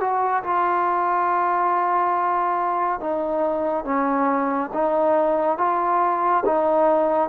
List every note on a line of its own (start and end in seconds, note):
0.00 0.43 F#4
0.43 3.00 F4
3.00 3.84 D#4
3.84 4.70 C#4
4.73 5.58 D#4
5.58 6.43 F4
6.45 7.29 D#4